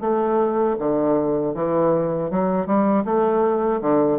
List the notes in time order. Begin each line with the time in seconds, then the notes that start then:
0.00 A3
0.78 D3
1.54 E3
2.30 F#3
2.66 G3
3.04 A3
3.81 D3